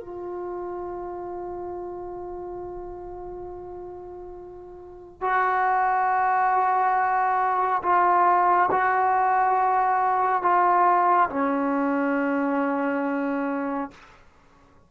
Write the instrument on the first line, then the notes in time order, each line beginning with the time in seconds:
trombone
0.00 F4
5.21 F#4
7.83 F4
8.71 F#4
10.42 F4
11.30 C#4